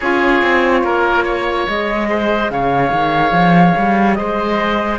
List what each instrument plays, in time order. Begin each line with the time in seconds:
0.00 cello C#4, saxophone F4, oboe G#4, flute C#5
0.42 cello C4
0.83 cello A#3, oboe A#4
1.24 oboe C#5
1.67 cello G#3, saxophone G#4, flute D#5
2.09 oboe C5
2.49 cello C#3, oboe C#5, flute F5
2.92 cello D#3
3.31 cello F3
3.77 cello G3
4.14 cello G#3, oboe C5, flute D#5